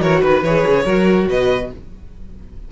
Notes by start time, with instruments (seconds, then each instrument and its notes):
0.00 cello E3, viola F#4, violin A#4 C#5
0.20 cello D#3, violin B4
0.43 cello E3, viola G#4, violin C#5
0.66 cello C#3
0.84 cello F#3, viola F#4, violin A#4
1.28 cello B2, violin B4 D#5